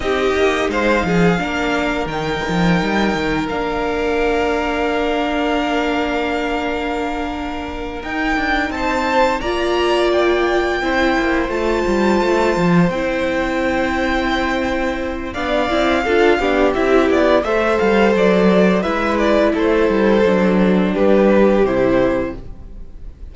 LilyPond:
<<
  \new Staff \with { instrumentName = "violin" } { \time 4/4 \tempo 4 = 86 dis''4 f''2 g''4~ | g''4 f''2.~ | f''2.~ f''8 g''8~ | g''8 a''4 ais''4 g''4.~ |
g''8 a''2 g''4.~ | g''2 f''2 | e''8 d''8 e''8 f''8 d''4 e''8 d''8 | c''2 b'4 c''4 | }
  \new Staff \with { instrumentName = "violin" } { \time 4/4 g'4 c''8 gis'8 ais'2~ | ais'1~ | ais'1~ | ais'8 c''4 d''2 c''8~ |
c''1~ | c''2 d''4 a'8 g'8~ | g'4 c''2 b'4 | a'2 g'2 | }
  \new Staff \with { instrumentName = "viola" } { \time 4/4 dis'2 d'4 dis'4~ | dis'4 d'2.~ | d'2.~ d'8 dis'8~ | dis'4. f'2 e'8~ |
e'8 f'2 e'4.~ | e'2 d'8 e'8 f'8 d'8 | e'4 a'2 e'4~ | e'4 d'2 e'4 | }
  \new Staff \with { instrumentName = "cello" } { \time 4/4 c'8 ais8 gis8 f8 ais4 dis8 f8 | g8 dis8 ais2.~ | ais2.~ ais8 dis'8 | d'8 c'4 ais2 c'8 |
ais8 a8 g8 a8 f8 c'4.~ | c'2 b8 c'8 d'8 b8 | c'8 b8 a8 g8 fis4 gis4 | a8 g8 fis4 g4 c4 | }
>>